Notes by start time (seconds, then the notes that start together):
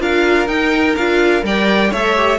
0.00 D4 F4 A#4 F5
0.47 D#4 G5
0.97 D4 F4 F5
1.42 G3 A#4 D5 G5
1.91 A3 A4 C#5 E5
2.16 G4